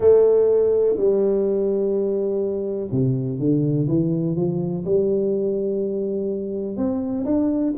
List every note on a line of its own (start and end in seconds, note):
0.00 0.96 A3
0.96 2.90 G3
2.91 3.39 C3
3.39 3.87 D3
3.88 4.35 E3
4.35 4.84 F3
4.85 6.76 G3
6.76 7.24 C4
7.25 7.73 D4